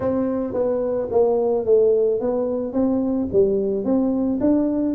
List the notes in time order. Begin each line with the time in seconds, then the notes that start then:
0.00 C4
0.53 B3
1.11 A#3
1.65 A3
2.20 B3
2.72 C4
3.32 G3
3.84 C4
4.40 D4